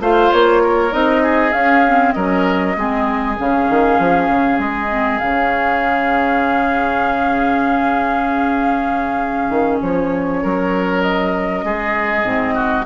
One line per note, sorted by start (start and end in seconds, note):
0.00 0.31 A3
0.00 0.91 F4
0.00 0.63 C5
0.00 0.32 F5
0.32 0.93 A#3
0.32 0.93 C#5
0.63 1.23 A#4
0.91 1.53 C4
0.91 1.52 D#4
0.91 1.53 D#5
1.23 2.14 G#4
1.52 1.83 C#4
1.52 2.14 C#4
1.52 2.12 F5
1.87 2.17 C4
2.12 2.77 F#3
2.12 2.77 C#4
2.12 2.77 A#4
2.12 3.35 D#5
2.77 3.38 G#3
2.77 3.37 C4
2.77 10.42 G#4
3.37 3.70 C#3
3.37 4.90 C#4
3.37 4.60 F5
3.70 3.99 D#3
3.99 4.29 F3
4.29 4.58 C#3
4.58 5.20 G#3
4.58 5.19 D#5
4.90 5.20 C4
5.19 9.50 C#3
5.19 12.24 C#4
5.19 9.78 F5
9.50 9.80 D#3
9.81 10.43 F3
9.81 11.02 C#5
10.42 11.64 F#3
10.42 11.65 A#4
11.02 12.85 D#5
11.64 12.24 G#3
11.64 12.54 G#4
12.24 12.85 G#2
12.24 12.85 C4
12.54 12.85 F#4